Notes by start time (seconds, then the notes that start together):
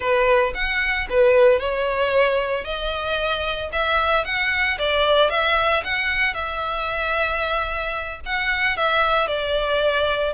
0.00 B4
0.54 F#5
1.09 B4
1.59 C#5
2.64 D#5
3.72 E5
4.25 F#5
4.78 D5
5.30 E5
5.84 F#5
6.34 E5
8.25 F#5
8.76 E5
9.27 D5